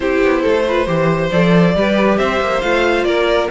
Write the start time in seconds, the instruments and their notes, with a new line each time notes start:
0.00 cello C4, viola E4, violin G4 C5
0.23 cello B3
0.41 cello A3, violin A4
0.67 viola F4, violin B4
0.86 cello E3, viola G4, violin C5
1.30 cello F3, viola A4, violin D5
1.75 cello G3, viola G4, violin B4
2.17 cello C4, violin C5 E5
2.41 cello A#3
2.61 cello A3, viola F4, violin F5
3.04 cello A#3, violin A#4 D5